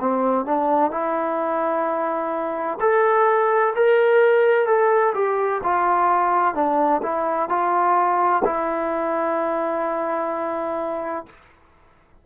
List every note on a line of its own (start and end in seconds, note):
0.00 0.45 C4
0.45 0.91 D4
0.91 2.79 E4
2.80 3.74 A4
3.75 4.67 A#4
4.67 5.13 A4
5.14 5.61 G4
5.63 6.55 F4
6.55 7.01 D4
7.02 7.49 E4
7.49 8.42 F4
8.45 11.26 E4